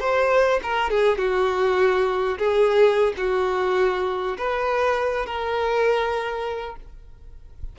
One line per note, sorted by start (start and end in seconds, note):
0.00 0.60 C5
0.63 0.90 A#4
0.90 1.18 G#4
1.18 2.38 F#4
2.38 3.13 G#4
3.17 4.37 F#4
4.37 5.26 B4
5.26 6.76 A#4